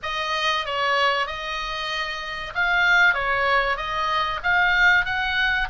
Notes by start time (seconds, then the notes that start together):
0.02 D#5
0.65 C#5
1.26 D#5
2.54 F5
3.14 C#5
3.76 D#5
4.43 F5
5.05 F#5